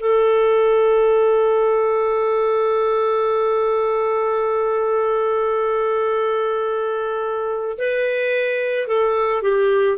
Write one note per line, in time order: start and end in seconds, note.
0.00 7.78 A4
7.78 8.88 B4
8.88 9.43 A4
9.43 9.98 G4